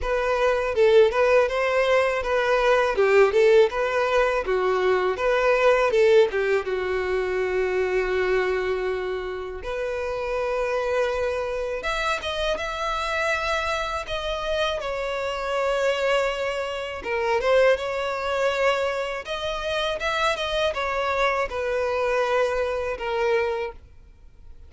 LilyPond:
\new Staff \with { instrumentName = "violin" } { \time 4/4 \tempo 4 = 81 b'4 a'8 b'8 c''4 b'4 | g'8 a'8 b'4 fis'4 b'4 | a'8 g'8 fis'2.~ | fis'4 b'2. |
e''8 dis''8 e''2 dis''4 | cis''2. ais'8 c''8 | cis''2 dis''4 e''8 dis''8 | cis''4 b'2 ais'4 | }